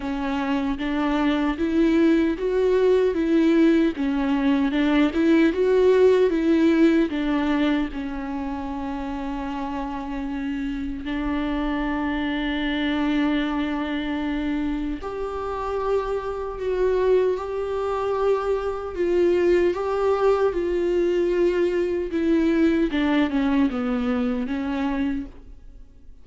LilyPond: \new Staff \with { instrumentName = "viola" } { \time 4/4 \tempo 4 = 76 cis'4 d'4 e'4 fis'4 | e'4 cis'4 d'8 e'8 fis'4 | e'4 d'4 cis'2~ | cis'2 d'2~ |
d'2. g'4~ | g'4 fis'4 g'2 | f'4 g'4 f'2 | e'4 d'8 cis'8 b4 cis'4 | }